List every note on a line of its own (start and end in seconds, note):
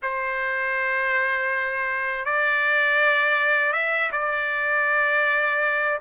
0.02 2.25 C5
2.25 3.72 D5
3.72 4.10 E5
4.11 5.99 D5